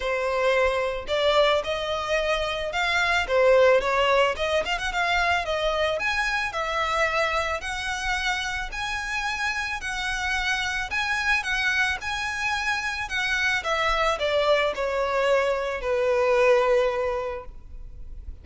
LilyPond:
\new Staff \with { instrumentName = "violin" } { \time 4/4 \tempo 4 = 110 c''2 d''4 dis''4~ | dis''4 f''4 c''4 cis''4 | dis''8 f''16 fis''16 f''4 dis''4 gis''4 | e''2 fis''2 |
gis''2 fis''2 | gis''4 fis''4 gis''2 | fis''4 e''4 d''4 cis''4~ | cis''4 b'2. | }